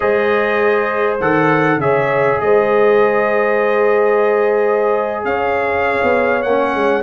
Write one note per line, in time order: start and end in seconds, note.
0.00 1.20 G#3
0.00 1.19 G#4
0.00 1.80 C5
0.00 1.17 D#5
1.20 1.77 D#3
1.20 1.80 A4
1.20 1.80 F#5
1.77 2.37 C#3
1.77 6.45 G#4
1.77 2.40 C#5
1.77 2.40 E5
2.40 5.24 G#3
2.40 5.27 C5
2.40 5.24 D#5
5.24 5.99 C#4
5.24 7.02 C#5
5.24 6.42 F5
6.02 6.44 B3
6.42 6.74 A#3
6.42 7.02 C#4
6.42 7.02 F#5
6.74 7.02 G#3